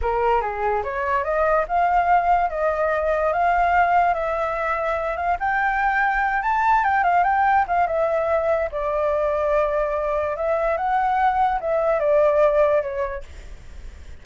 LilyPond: \new Staff \with { instrumentName = "flute" } { \time 4/4 \tempo 4 = 145 ais'4 gis'4 cis''4 dis''4 | f''2 dis''2 | f''2 e''2~ | e''8 f''8 g''2~ g''8 a''8~ |
a''8 g''8 f''8 g''4 f''8 e''4~ | e''4 d''2.~ | d''4 e''4 fis''2 | e''4 d''2 cis''4 | }